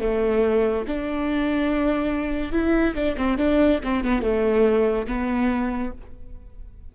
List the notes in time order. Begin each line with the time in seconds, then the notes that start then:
0.00 A3
0.87 D4
2.52 E4
2.95 D4
3.17 C4
3.37 D4
3.83 C4
4.04 B3
4.21 A3
5.07 B3